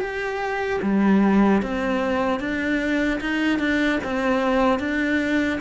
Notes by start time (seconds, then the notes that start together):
0.00 G4
0.82 G3
1.62 C4
2.39 D4
3.20 D#4
3.59 D4
4.04 C4
4.79 D4